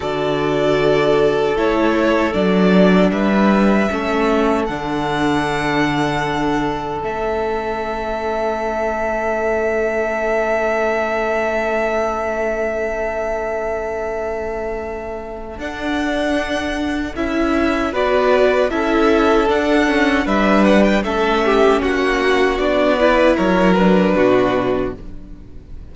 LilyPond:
<<
  \new Staff \with { instrumentName = "violin" } { \time 4/4 \tempo 4 = 77 d''2 cis''4 d''4 | e''2 fis''2~ | fis''4 e''2.~ | e''1~ |
e''1 | fis''2 e''4 d''4 | e''4 fis''4 e''8 fis''16 g''16 e''4 | fis''4 d''4 cis''8 b'4. | }
  \new Staff \with { instrumentName = "violin" } { \time 4/4 a'1 | b'4 a'2.~ | a'1~ | a'1~ |
a'1~ | a'2. b'4 | a'2 b'4 a'8 g'8 | fis'4. b'8 ais'4 fis'4 | }
  \new Staff \with { instrumentName = "viola" } { \time 4/4 fis'2 e'4 d'4~ | d'4 cis'4 d'2~ | d'4 cis'2.~ | cis'1~ |
cis'1 | d'2 e'4 fis'4 | e'4 d'8 cis'8 d'4 cis'4~ | cis'4 d'8 e'4 d'4. | }
  \new Staff \with { instrumentName = "cello" } { \time 4/4 d2 a4 fis4 | g4 a4 d2~ | d4 a2.~ | a1~ |
a1 | d'2 cis'4 b4 | cis'4 d'4 g4 a4 | ais4 b4 fis4 b,4 | }
>>